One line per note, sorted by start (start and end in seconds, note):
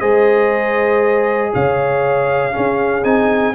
0.00 1.53 G#3
0.00 2.52 G#4
0.00 1.51 C5
0.00 1.51 D#5
1.53 2.56 C#3
1.53 2.53 C#5
1.53 3.04 F5
2.52 3.03 C#4
2.52 3.04 C#4
2.52 3.54 G#4
3.04 3.54 C4
3.04 3.54 D#4
3.04 3.54 G#5